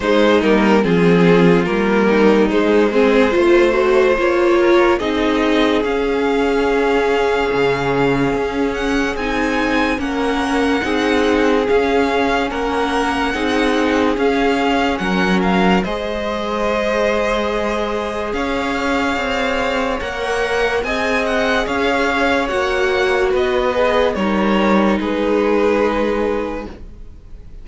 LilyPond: <<
  \new Staff \with { instrumentName = "violin" } { \time 4/4 \tempo 4 = 72 c''8 ais'8 gis'4 ais'4 c''4~ | c''4 cis''4 dis''4 f''4~ | f''2~ f''8 fis''8 gis''4 | fis''2 f''4 fis''4~ |
fis''4 f''4 fis''8 f''8 dis''4~ | dis''2 f''2 | fis''4 gis''8 fis''8 f''4 fis''4 | dis''4 cis''4 b'2 | }
  \new Staff \with { instrumentName = "violin" } { \time 4/4 dis'4 f'4. dis'4 gis'8 | c''4. ais'8 gis'2~ | gis'1 | ais'4 gis'2 ais'4 |
gis'2 ais'4 c''4~ | c''2 cis''2~ | cis''4 dis''4 cis''2 | b'4 ais'4 gis'2 | }
  \new Staff \with { instrumentName = "viola" } { \time 4/4 gis8 ais8 c'4 ais4 gis8 c'8 | f'8 fis'8 f'4 dis'4 cis'4~ | cis'2. dis'4 | cis'4 dis'4 cis'2 |
dis'4 cis'2 gis'4~ | gis'1 | ais'4 gis'2 fis'4~ | fis'8 gis'8 dis'2. | }
  \new Staff \with { instrumentName = "cello" } { \time 4/4 gis8 g8 f4 g4 gis4 | a4 ais4 c'4 cis'4~ | cis'4 cis4 cis'4 c'4 | ais4 c'4 cis'4 ais4 |
c'4 cis'4 fis4 gis4~ | gis2 cis'4 c'4 | ais4 c'4 cis'4 ais4 | b4 g4 gis2 | }
>>